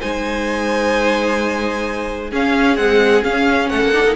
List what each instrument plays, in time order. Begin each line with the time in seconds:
0.00 cello G#3, viola D#4, violin C5 G#5
2.30 viola C#4, cello C#4, violin G#4 F5
2.77 viola G#3, cello C4, violin F#5
3.24 viola C#4, cello C#4, violin F5
3.69 cello A3, violin A4 F#5
3.82 cello A#3
3.92 viola D4, cello D#4
4.03 cello A#3, viola D#4